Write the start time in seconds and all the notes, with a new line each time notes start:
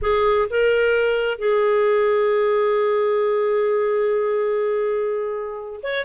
0.01 G#4
0.49 A#4
1.38 G#4
5.83 C#5